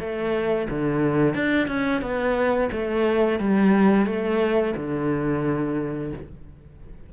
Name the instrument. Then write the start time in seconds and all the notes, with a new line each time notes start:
cello
0.00 A3
0.70 D3
1.35 D4
1.68 C#4
2.02 B3
2.72 A3
3.40 G3
4.06 A3
4.77 D3